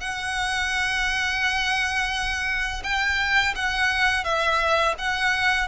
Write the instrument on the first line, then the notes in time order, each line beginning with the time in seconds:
violin
0.00 F#5
2.83 G5
3.55 F#5
4.24 E5
4.98 F#5